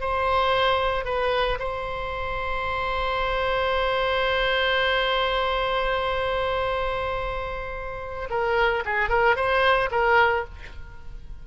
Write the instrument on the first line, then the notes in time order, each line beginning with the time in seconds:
oboe
0.00 C5
1.04 B4
1.59 C5
8.30 A#4
8.85 G#4
9.09 A#4
9.36 C5
9.91 A#4